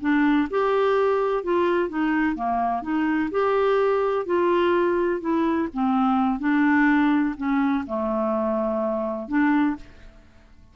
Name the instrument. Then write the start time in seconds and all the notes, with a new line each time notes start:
clarinet
0.00 D4
0.50 G4
1.43 F4
1.89 D#4
2.35 A#3
2.82 D#4
3.31 G4
4.26 F4
5.20 E4
5.73 C4
6.39 D4
7.37 C#4
7.86 A3
9.28 D4